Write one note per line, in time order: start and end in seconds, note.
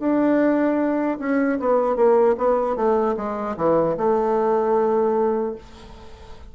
0.00 1.18 D4
1.19 1.59 C#4
1.60 1.96 B3
1.96 2.36 A#3
2.38 2.76 B3
2.76 3.16 A3
3.17 3.56 G#3
3.57 3.97 E3
3.97 5.55 A3